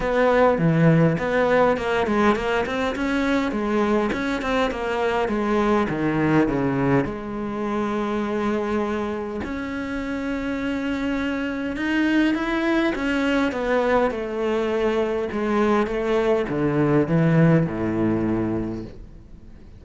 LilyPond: \new Staff \with { instrumentName = "cello" } { \time 4/4 \tempo 4 = 102 b4 e4 b4 ais8 gis8 | ais8 c'8 cis'4 gis4 cis'8 c'8 | ais4 gis4 dis4 cis4 | gis1 |
cis'1 | dis'4 e'4 cis'4 b4 | a2 gis4 a4 | d4 e4 a,2 | }